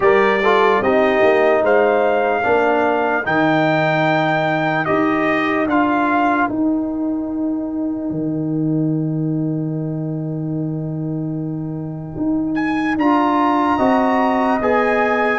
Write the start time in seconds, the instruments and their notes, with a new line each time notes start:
0.00 tuba G3, trombone G4, horn A#4, trumpet D5
0.42 trombone F4, horn A4
0.81 tuba C4, trombone D#4, horn G4, trumpet D#5
1.23 tuba A#3
1.62 tuba G#3, horn C5, trumpet F5
2.42 tuba A#3, trombone D4, horn A#4
3.24 tuba D#3, trombone D#4, trumpet G5
4.85 tuba D#4, trombone G4, trumpet D#5
5.66 tuba D4, trombone F4, trumpet F5
6.49 tuba D#4, trombone D#4, trumpet G5
8.10 tuba D#3
12.16 tuba D#4
12.55 trumpet G#5
12.96 tuba D4, trombone F4, trumpet A#5
13.77 tuba C4, trombone F#4, horn D#5
14.60 tuba B3, trombone G#4, trumpet G#5